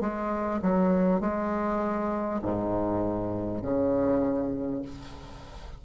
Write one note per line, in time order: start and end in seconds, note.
0.00 0.60 G#3
0.62 1.20 F#3
1.20 2.40 G#3
2.42 3.62 G#2
3.62 4.82 C#3